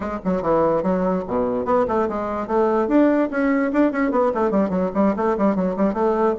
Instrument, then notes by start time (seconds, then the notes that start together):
bassoon
0.00 G#3
0.24 F#3
0.42 E3
0.82 F#3
1.27 B2
1.65 B3
1.87 A3
2.08 G#3
2.47 A3
2.88 D4
3.30 C#4
3.72 D4
3.92 C#4
4.11 B3
4.34 A3
4.50 G3
4.69 F#3
4.94 G3
5.16 A3
5.37 G3
5.55 F#3
5.76 G3
5.93 A3